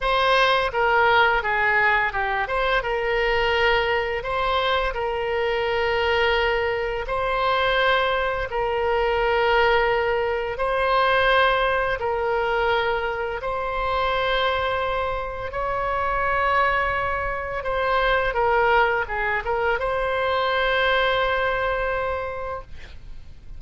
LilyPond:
\new Staff \with { instrumentName = "oboe" } { \time 4/4 \tempo 4 = 85 c''4 ais'4 gis'4 g'8 c''8 | ais'2 c''4 ais'4~ | ais'2 c''2 | ais'2. c''4~ |
c''4 ais'2 c''4~ | c''2 cis''2~ | cis''4 c''4 ais'4 gis'8 ais'8 | c''1 | }